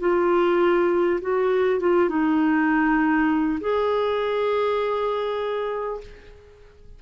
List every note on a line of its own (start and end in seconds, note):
0.00 1.20 F4
1.21 1.79 F#4
1.79 2.09 F4
2.09 3.59 D#4
3.60 6.00 G#4